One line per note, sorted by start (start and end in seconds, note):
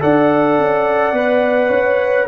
0.00 0.58 D4
0.00 1.13 A4
0.00 1.69 D5
0.00 2.28 F#5
0.58 1.12 C#4
1.12 1.69 B3
1.12 2.28 B4
1.69 2.26 C#4
1.69 2.25 C#5